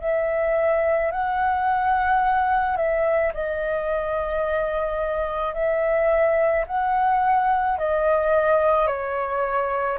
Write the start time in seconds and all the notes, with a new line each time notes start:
0.00 E5
1.11 F#5
2.77 E5
3.34 D#5
5.54 E5
6.67 F#5
7.78 D#5
8.87 C#5